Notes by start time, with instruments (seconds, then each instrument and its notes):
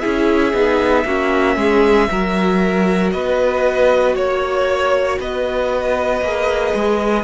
0.00 cello C#4, viola E4, violin G#4 E5
0.53 cello B3, viola D#4
1.05 cello A#3, viola C#4, violin F#4
1.57 cello G#3, violin G#4
2.10 cello F#3, viola F#4, violin A#4
3.12 cello B3, violin B4 D#5
4.16 cello A#3, violin C#5
5.20 cello B3, violin B4 D#5
6.22 cello A#3, viola G#4
6.75 cello G#3